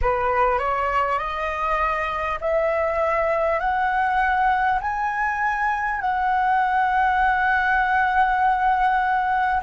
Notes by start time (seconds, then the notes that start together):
0.01 B4
0.58 C#5
1.18 D#5
2.40 E5
3.59 F#5
4.81 G#5
6.01 F#5